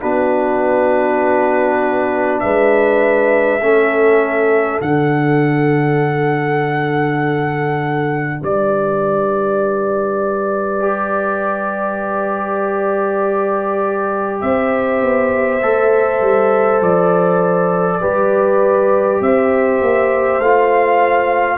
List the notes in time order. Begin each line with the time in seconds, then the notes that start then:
0.00 B3 D4 F#4 B4
2.40 G#3 B4 E5
3.60 A3 C#4 A4
4.80 D3 D4 F#5
8.40 G3 B4 D5
10.79 G4
14.41 C4 C5 E5
15.02 B3
15.61 A3 A4
16.21 G3
16.80 F3 D5
18.00 G3 G4 B4
19.20 C4 C5 E5
19.80 A#3
20.39 A3 F4 F5